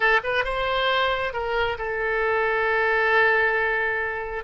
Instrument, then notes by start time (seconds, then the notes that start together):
oboe
0.00 A4
0.23 B4
0.44 C5
1.33 A#4
1.78 A4